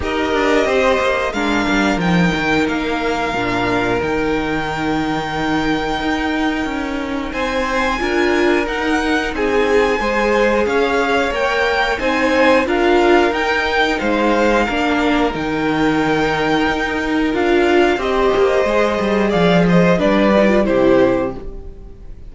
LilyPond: <<
  \new Staff \with { instrumentName = "violin" } { \time 4/4 \tempo 4 = 90 dis''2 f''4 g''4 | f''2 g''2~ | g''2. gis''4~ | gis''4 fis''4 gis''2 |
f''4 g''4 gis''4 f''4 | g''4 f''2 g''4~ | g''2 f''4 dis''4~ | dis''4 f''8 dis''8 d''4 c''4 | }
  \new Staff \with { instrumentName = "violin" } { \time 4/4 ais'4 c''4 ais'2~ | ais'1~ | ais'2. c''4 | ais'2 gis'4 c''4 |
cis''2 c''4 ais'4~ | ais'4 c''4 ais'2~ | ais'2. c''4~ | c''4 d''8 c''8 b'4 g'4 | }
  \new Staff \with { instrumentName = "viola" } { \time 4/4 g'2 d'4 dis'4~ | dis'4 d'4 dis'2~ | dis'1 | f'4 dis'2 gis'4~ |
gis'4 ais'4 dis'4 f'4 | dis'2 d'4 dis'4~ | dis'2 f'4 g'4 | gis'2 d'8 dis'16 f'16 e'4 | }
  \new Staff \with { instrumentName = "cello" } { \time 4/4 dis'8 d'8 c'8 ais8 gis8 g8 f8 dis8 | ais4 ais,4 dis2~ | dis4 dis'4 cis'4 c'4 | d'4 dis'4 c'4 gis4 |
cis'4 ais4 c'4 d'4 | dis'4 gis4 ais4 dis4~ | dis4 dis'4 d'4 c'8 ais8 | gis8 g8 f4 g4 c4 | }
>>